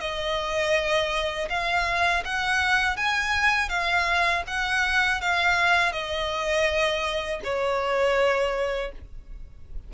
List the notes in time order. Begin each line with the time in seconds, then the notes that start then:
0.00 D#5
1.49 F5
2.25 F#5
2.96 G#5
3.69 F5
4.47 F#5
5.21 F5
5.92 D#5
7.43 C#5